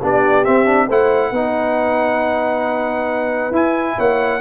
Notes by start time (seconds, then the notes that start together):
0.00 B3 D4 G4 D5
0.44 C4 E5
0.65 D4
0.86 A3 E4 C5 F#5
1.31 B3 D#4 B4
3.51 E4 G#5
3.97 A#3 C#5 F#5